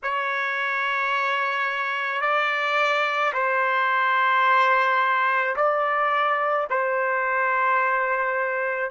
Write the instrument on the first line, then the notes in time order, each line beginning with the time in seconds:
trumpet
0.03 C#5
2.21 D5
3.33 C5
5.56 D5
6.70 C5